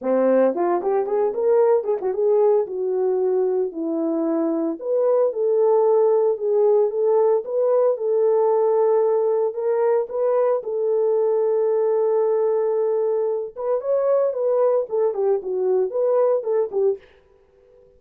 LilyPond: \new Staff \with { instrumentName = "horn" } { \time 4/4 \tempo 4 = 113 c'4 f'8 g'8 gis'8 ais'4 gis'16 fis'16 | gis'4 fis'2 e'4~ | e'4 b'4 a'2 | gis'4 a'4 b'4 a'4~ |
a'2 ais'4 b'4 | a'1~ | a'4. b'8 cis''4 b'4 | a'8 g'8 fis'4 b'4 a'8 g'8 | }